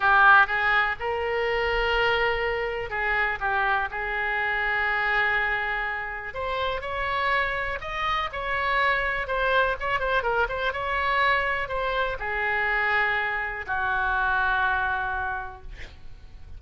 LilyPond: \new Staff \with { instrumentName = "oboe" } { \time 4/4 \tempo 4 = 123 g'4 gis'4 ais'2~ | ais'2 gis'4 g'4 | gis'1~ | gis'4 c''4 cis''2 |
dis''4 cis''2 c''4 | cis''8 c''8 ais'8 c''8 cis''2 | c''4 gis'2. | fis'1 | }